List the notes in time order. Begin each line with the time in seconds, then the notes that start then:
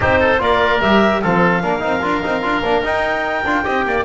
0.00 C4 D#4 G4 C5
0.19 A4
0.37 A#3 F4 A#4 D5
0.81 G3 G4 E5
1.21 F3 C4 A4 F5
1.62 A#3 D4 A#4
1.79 C4 D#4
2.01 D4 F4
2.23 C4 D#4
2.42 D4 F4
2.62 A#3 D4
2.83 D#4 G5
3.44 D4 F4
3.64 C4 G4 D#5
3.85 A#3 D5